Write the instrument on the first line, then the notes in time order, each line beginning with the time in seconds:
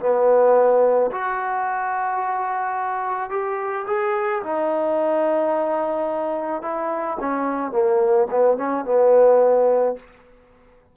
trombone
0.00 B3
1.12 F#4
3.30 G4
3.87 G#4
4.43 D#4
6.63 E4
7.21 C#4
7.72 A#3
8.31 B3
8.58 C#4
8.85 B3